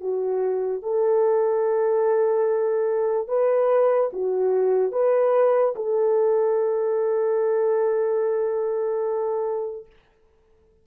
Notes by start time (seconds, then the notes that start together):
0.00 F#4
0.82 A4
3.28 B4
4.12 F#4
4.92 B4
5.75 A4